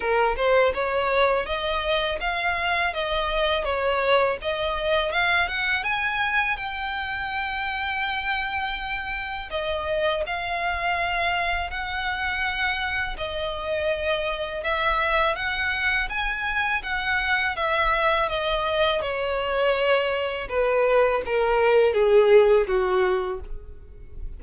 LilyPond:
\new Staff \with { instrumentName = "violin" } { \time 4/4 \tempo 4 = 82 ais'8 c''8 cis''4 dis''4 f''4 | dis''4 cis''4 dis''4 f''8 fis''8 | gis''4 g''2.~ | g''4 dis''4 f''2 |
fis''2 dis''2 | e''4 fis''4 gis''4 fis''4 | e''4 dis''4 cis''2 | b'4 ais'4 gis'4 fis'4 | }